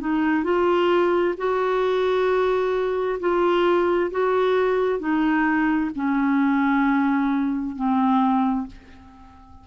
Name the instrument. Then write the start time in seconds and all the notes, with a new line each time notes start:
clarinet
0.00 D#4
0.44 F4
1.37 F#4
3.19 F4
4.11 F#4
5.00 D#4
5.95 C#4
7.76 C4